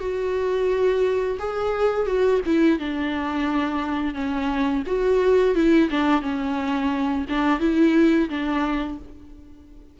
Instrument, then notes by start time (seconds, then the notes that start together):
viola
0.00 F#4
1.39 G#4
2.06 F#4
2.46 E4
2.79 D4
4.14 C#4
4.87 F#4
5.55 E4
5.90 D4
6.22 C#4
7.29 D4
7.60 E4
8.29 D4